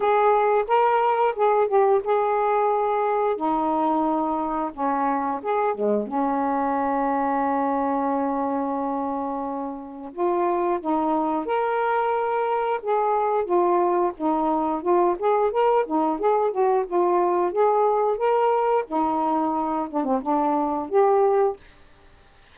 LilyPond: \new Staff \with { instrumentName = "saxophone" } { \time 4/4 \tempo 4 = 89 gis'4 ais'4 gis'8 g'8 gis'4~ | gis'4 dis'2 cis'4 | gis'8 gis8 cis'2.~ | cis'2. f'4 |
dis'4 ais'2 gis'4 | f'4 dis'4 f'8 gis'8 ais'8 dis'8 | gis'8 fis'8 f'4 gis'4 ais'4 | dis'4. d'16 c'16 d'4 g'4 | }